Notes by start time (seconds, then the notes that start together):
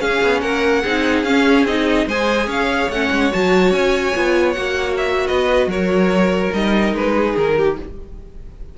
0.00 C#4 G#4 F5
0.23 B3
0.41 A#3 A#4 F#5
0.82 C4 D#4 G#4
1.24 C#4 F5
1.65 C4 D#4 D#5
2.07 G#3 G#4 C5 G#5
2.47 C#4 C#5 F5
2.89 A3 C#4 F#5
3.11 G#3
3.32 F#3 F#4 A5
3.72 C#4 G#5
4.16 B3 F4
4.53 A#3 F#4 F#5
4.98 E5
5.27 B3 B4 D#5
5.67 F#3 A#4 C#5
6.53 G3 D#4 D#5
6.93 G#3 B4
7.17 G#4
7.37 D#3 A#4
7.57 G4